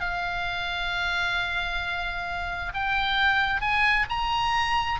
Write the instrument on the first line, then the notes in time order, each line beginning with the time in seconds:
oboe
0.00 F5
2.74 G5
3.61 G#5
4.09 A#5